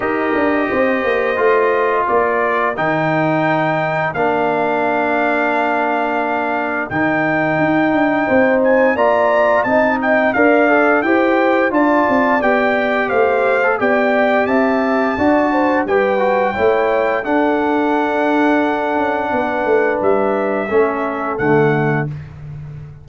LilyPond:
<<
  \new Staff \with { instrumentName = "trumpet" } { \time 4/4 \tempo 4 = 87 dis''2. d''4 | g''2 f''2~ | f''2 g''2~ | g''8 gis''8 ais''4 a''8 g''8 f''4 |
g''4 a''4 g''4 f''4 | g''4 a''2 g''4~ | g''4 fis''2.~ | fis''4 e''2 fis''4 | }
  \new Staff \with { instrumentName = "horn" } { \time 4/4 ais'4 c''2 ais'4~ | ais'1~ | ais'1 | c''4 d''4 dis''4 d''4 |
c''4 d''2 c''4 | d''4 e''4 d''8 c''8 b'4 | cis''4 a'2. | b'2 a'2 | }
  \new Staff \with { instrumentName = "trombone" } { \time 4/4 g'2 f'2 | dis'2 d'2~ | d'2 dis'2~ | dis'4 f'4 dis'4 ais'8 a'8 |
g'4 f'4 g'4.~ g'16 a'16 | g'2 fis'4 g'8 fis'8 | e'4 d'2.~ | d'2 cis'4 a4 | }
  \new Staff \with { instrumentName = "tuba" } { \time 4/4 dis'8 d'8 c'8 ais8 a4 ais4 | dis2 ais2~ | ais2 dis4 dis'8 d'8 | c'4 ais4 c'4 d'4 |
e'4 d'8 c'8 b4 a4 | b4 c'4 d'4 g4 | a4 d'2~ d'8 cis'8 | b8 a8 g4 a4 d4 | }
>>